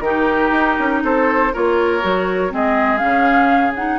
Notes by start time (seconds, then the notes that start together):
0.00 D#3 D#4 G4 A#4
0.51 D#4
0.79 C#4
1.03 C4 A4 C5
1.53 A#3 F4 A#4 C#5
2.01 F#3 F#4
2.49 G#3 C4 G#4 D#5
2.98 C#3 C#4 F5
3.75 D#4 F#5